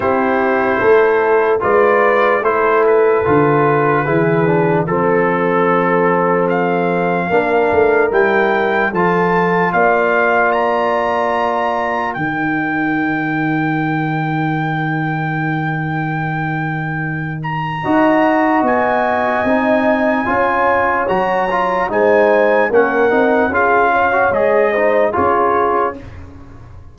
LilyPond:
<<
  \new Staff \with { instrumentName = "trumpet" } { \time 4/4 \tempo 4 = 74 c''2 d''4 c''8 b'8~ | b'2 a'2 | f''2 g''4 a''4 | f''4 ais''2 g''4~ |
g''1~ | g''4. ais''4. gis''4~ | gis''2 ais''4 gis''4 | fis''4 f''4 dis''4 cis''4 | }
  \new Staff \with { instrumentName = "horn" } { \time 4/4 g'4 a'4 b'4 a'4~ | a'4 gis'4 a'2~ | a'4 ais'2 a'4 | d''2. ais'4~ |
ais'1~ | ais'2 dis''2~ | dis''4 cis''2 c''4 | ais'4 gis'8 cis''4 c''8 gis'4 | }
  \new Staff \with { instrumentName = "trombone" } { \time 4/4 e'2 f'4 e'4 | f'4 e'8 d'8 c'2~ | c'4 d'4 e'4 f'4~ | f'2. dis'4~ |
dis'1~ | dis'2 fis'2 | dis'4 f'4 fis'8 f'8 dis'4 | cis'8 dis'8 f'8. fis'16 gis'8 dis'8 f'4 | }
  \new Staff \with { instrumentName = "tuba" } { \time 4/4 c'4 a4 gis4 a4 | d4 e4 f2~ | f4 ais8 a8 g4 f4 | ais2. dis4~ |
dis1~ | dis2 dis'4 b4 | c'4 cis'4 fis4 gis4 | ais8 c'8 cis'4 gis4 cis'4 | }
>>